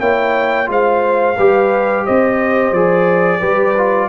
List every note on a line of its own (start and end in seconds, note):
0.00 0.68 A#3
0.00 0.66 E4
0.00 0.68 C#5
0.00 0.69 G5
0.66 1.37 G#3
0.66 1.34 F4
0.66 1.37 C5
0.66 2.06 F5
1.37 2.06 G3
1.37 2.75 G4
1.37 2.05 B4
2.05 2.72 C4
2.05 3.40 C5
2.05 2.74 D#5
2.72 3.40 F3
2.72 3.41 G#4
2.72 4.09 D5
3.40 4.09 G3
3.40 3.75 G4
3.40 4.08 B4
3.77 4.09 F4